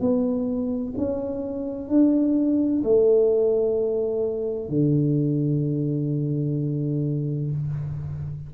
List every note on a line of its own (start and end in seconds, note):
0.00 0.94 B3
0.98 1.89 C#4
1.89 2.83 D4
2.83 4.69 A3
4.69 7.50 D3